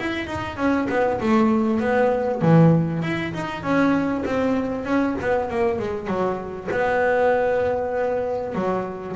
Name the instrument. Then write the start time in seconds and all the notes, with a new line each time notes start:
double bass
0.00 E4
0.27 D#4
0.57 C#4
0.90 B3
1.21 A3
1.81 B3
2.42 E3
3.03 E4
3.34 D#4
3.63 C#4
4.26 C4
4.86 C#4
5.21 B3
5.50 A#3
5.79 G#3
6.08 F#3
6.71 B3
8.55 F#3